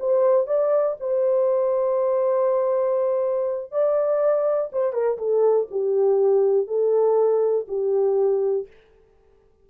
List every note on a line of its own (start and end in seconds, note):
0.00 0.47 C5
0.47 0.97 D5
1.00 3.72 C5
3.72 4.71 D5
4.73 4.93 C5
4.93 5.18 A#4
5.18 5.68 A4
5.71 6.68 G4
6.68 7.67 A4
7.68 8.68 G4